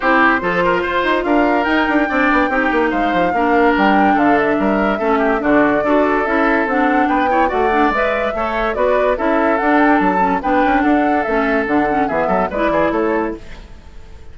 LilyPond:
<<
  \new Staff \with { instrumentName = "flute" } { \time 4/4 \tempo 4 = 144 c''2. f''4 | g''2. f''4~ | f''4 g''4 f''8 e''4.~ | e''4 d''2 e''4 |
fis''4 g''4 fis''4 e''4~ | e''4 d''4 e''4 fis''8 g''8 | a''4 g''4 fis''4 e''4 | fis''4 e''4 d''4 cis''4 | }
  \new Staff \with { instrumentName = "oboe" } { \time 4/4 g'4 a'8 ais'8 c''4 ais'4~ | ais'4 d''4 g'4 c''4 | ais'2 a'4 ais'4 | a'8 g'8 fis'4 a'2~ |
a'4 b'8 cis''8 d''2 | cis''4 b'4 a'2~ | a'4 b'4 a'2~ | a'4 gis'8 a'8 b'8 gis'8 a'4 | }
  \new Staff \with { instrumentName = "clarinet" } { \time 4/4 e'4 f'2. | dis'4 d'4 dis'2 | d'1 | cis'4 d'4 fis'4 e'4 |
d'4. e'8 fis'8 d'8 b'4 | a'4 fis'4 e'4 d'4~ | d'8 cis'8 d'2 cis'4 | d'8 cis'8 b4 e'2 | }
  \new Staff \with { instrumentName = "bassoon" } { \time 4/4 c'4 f4 f'8 dis'8 d'4 | dis'8 d'8 c'8 b8 c'8 ais8 gis8 f8 | ais4 g4 d4 g4 | a4 d4 d'4 cis'4 |
c'4 b4 a4 gis4 | a4 b4 cis'4 d'4 | fis4 b8 cis'8 d'4 a4 | d4 e8 fis8 gis8 e8 a4 | }
>>